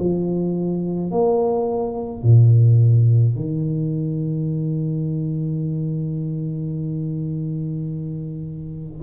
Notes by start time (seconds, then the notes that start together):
0.00 F3
1.11 A#3
2.23 A#2
3.36 D#3